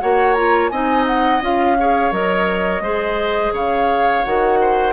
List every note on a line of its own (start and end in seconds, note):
0.00 0.71 A#3
0.00 0.36 F#4
0.00 0.71 C#5
0.00 0.34 F#5
0.34 0.71 F4
0.34 0.69 A#5
0.70 1.41 C4
0.70 1.41 D#4
0.70 1.77 D#5
0.70 1.05 G#5
1.07 1.42 F#5
1.41 2.12 C#4
1.41 1.76 F4
1.41 2.13 F5
1.79 2.12 G#4
1.79 2.83 C#5
2.12 2.81 F#3
2.12 2.82 A#4
2.12 3.54 D#5
2.81 3.51 G#3
2.81 4.25 G#4
2.81 3.53 C5
3.52 4.23 C#3
3.52 4.59 C#5
3.52 4.25 F5
4.25 4.93 D#3
4.25 4.93 F#4
4.25 4.93 F#5
4.61 4.93 C5